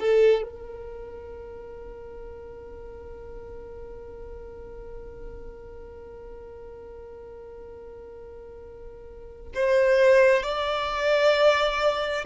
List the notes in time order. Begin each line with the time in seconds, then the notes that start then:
0.00 A4
0.43 A#4
9.55 C5
10.43 D5